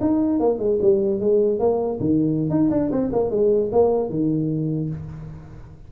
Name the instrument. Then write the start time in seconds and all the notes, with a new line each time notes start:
tuba
0.00 D#4
0.39 A#3
0.59 G#3
0.81 G3
1.20 G#3
1.59 A#3
1.99 D#3
2.50 D#4
2.70 D4
2.91 C4
3.12 A#3
3.30 G#3
3.72 A#3
4.09 D#3